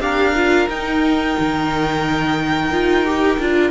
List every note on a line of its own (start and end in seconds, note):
0.00 0.67 D4
0.00 0.35 G4
0.00 3.71 A#4
0.00 0.68 F5
0.35 0.69 F4
0.69 1.36 D#4
0.69 2.72 D#4
0.69 3.71 G5
1.39 2.71 D#3
2.71 3.38 D#4
2.71 3.05 F4
3.05 3.39 G4
3.39 3.71 D4
3.39 3.71 F4